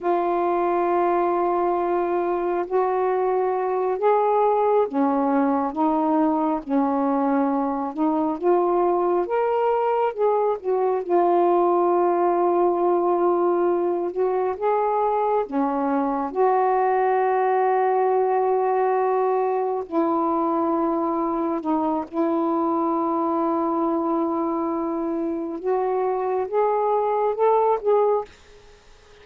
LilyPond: \new Staff \with { instrumentName = "saxophone" } { \time 4/4 \tempo 4 = 68 f'2. fis'4~ | fis'8 gis'4 cis'4 dis'4 cis'8~ | cis'4 dis'8 f'4 ais'4 gis'8 | fis'8 f'2.~ f'8 |
fis'8 gis'4 cis'4 fis'4.~ | fis'2~ fis'8 e'4.~ | e'8 dis'8 e'2.~ | e'4 fis'4 gis'4 a'8 gis'8 | }